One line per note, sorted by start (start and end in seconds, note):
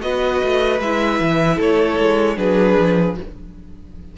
0.00 0.41 B3
0.00 0.79 F#4
0.00 1.55 B4
0.00 0.80 D#5
0.43 0.80 A3
0.80 1.19 G#3
0.80 2.36 E4
0.80 1.59 E5
1.19 1.59 E3
1.55 1.99 A3
1.55 2.34 A4
1.55 2.37 C#5
1.99 2.37 G#3
2.36 2.76 F#3
2.36 3.15 D4
2.36 3.16 G#4
2.36 3.16 B4
2.77 3.17 F3